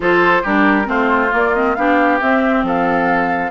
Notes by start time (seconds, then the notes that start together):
0.00 F3 F4 A4 C5
0.42 G3 D4 G4 A#4
0.84 A3 C4 F4 C5
1.30 A#3 D5
1.55 C4 D#5
1.75 B3 D4 G4 F5
2.20 C4 E5
2.63 F3 A4 F5